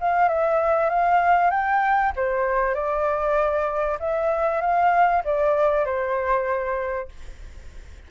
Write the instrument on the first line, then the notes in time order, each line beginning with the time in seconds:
flute
0.00 F5
0.28 E5
0.89 F5
1.50 G5
2.16 C5
2.74 D5
4.00 E5
4.61 F5
5.24 D5
5.85 C5